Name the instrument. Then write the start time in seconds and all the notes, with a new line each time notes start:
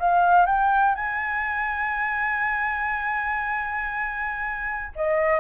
flute
0.00 F5
0.46 G5
0.96 G#5
4.96 D#5